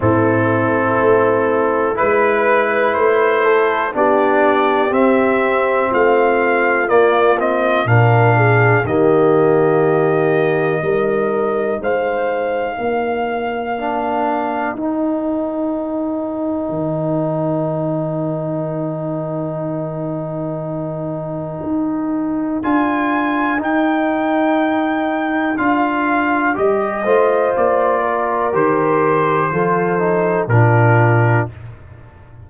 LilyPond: <<
  \new Staff \with { instrumentName = "trumpet" } { \time 4/4 \tempo 4 = 61 a'2 b'4 c''4 | d''4 e''4 f''4 d''8 dis''8 | f''4 dis''2. | f''2. g''4~ |
g''1~ | g''2. gis''4 | g''2 f''4 dis''4 | d''4 c''2 ais'4 | }
  \new Staff \with { instrumentName = "horn" } { \time 4/4 e'2 b'4. a'8 | g'2 f'2 | ais'8 gis'8 g'2 ais'4 | c''4 ais'2.~ |
ais'1~ | ais'1~ | ais'2.~ ais'8 c''8~ | c''8 ais'4. a'4 f'4 | }
  \new Staff \with { instrumentName = "trombone" } { \time 4/4 c'2 e'2 | d'4 c'2 ais8 c'8 | d'4 ais2 dis'4~ | dis'2 d'4 dis'4~ |
dis'1~ | dis'2. f'4 | dis'2 f'4 g'8 f'8~ | f'4 g'4 f'8 dis'8 d'4 | }
  \new Staff \with { instrumentName = "tuba" } { \time 4/4 a,4 a4 gis4 a4 | b4 c'4 a4 ais4 | ais,4 dis2 g4 | gis4 ais2 dis'4~ |
dis'4 dis2.~ | dis2 dis'4 d'4 | dis'2 d'4 g8 a8 | ais4 dis4 f4 ais,4 | }
>>